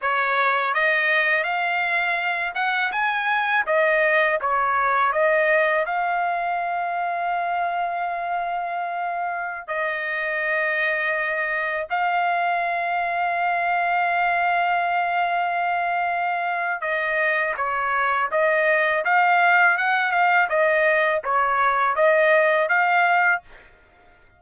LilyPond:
\new Staff \with { instrumentName = "trumpet" } { \time 4/4 \tempo 4 = 82 cis''4 dis''4 f''4. fis''8 | gis''4 dis''4 cis''4 dis''4 | f''1~ | f''4~ f''16 dis''2~ dis''8.~ |
dis''16 f''2.~ f''8.~ | f''2. dis''4 | cis''4 dis''4 f''4 fis''8 f''8 | dis''4 cis''4 dis''4 f''4 | }